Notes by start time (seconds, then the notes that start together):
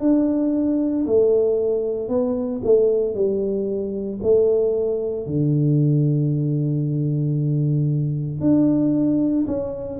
0.00 D4
1.06 A3
2.09 B3
2.64 A3
3.15 G3
4.22 A3
5.26 D3
8.41 D4
9.47 C#4